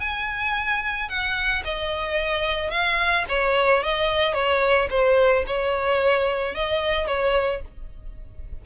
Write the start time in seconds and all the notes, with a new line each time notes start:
0.00 G#5
1.09 F#5
1.64 D#5
2.70 F5
3.29 C#5
3.83 D#5
4.34 C#5
4.90 C5
5.47 C#5
6.55 D#5
7.07 C#5